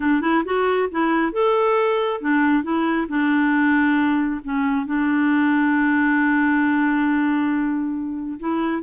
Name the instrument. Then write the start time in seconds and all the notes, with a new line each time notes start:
clarinet
0.00 D4
0.21 E4
0.45 F#4
0.91 E4
1.32 A4
2.20 D4
2.63 E4
3.08 D4
4.43 C#4
4.85 D4
8.39 E4